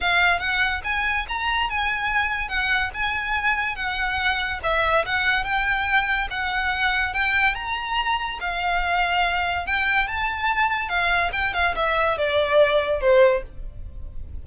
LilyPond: \new Staff \with { instrumentName = "violin" } { \time 4/4 \tempo 4 = 143 f''4 fis''4 gis''4 ais''4 | gis''2 fis''4 gis''4~ | gis''4 fis''2 e''4 | fis''4 g''2 fis''4~ |
fis''4 g''4 ais''2 | f''2. g''4 | a''2 f''4 g''8 f''8 | e''4 d''2 c''4 | }